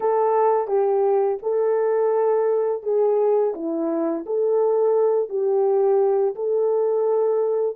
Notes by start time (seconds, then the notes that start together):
0.00 A4
0.67 G4
1.42 A4
2.82 G#4
3.54 E4
4.25 A4
5.29 G4
6.35 A4